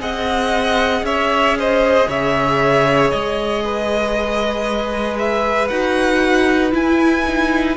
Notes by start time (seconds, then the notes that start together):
0.00 C4 G#4 D#5 F#5
1.03 C#4 C#5 E5
1.59 C5 D#5
2.08 C#3 C#5 E5
3.10 G#3 D#5
3.64 B4
5.19 E5
5.68 D#4 F#4 F#5
6.72 E4 G#5
7.28 D#4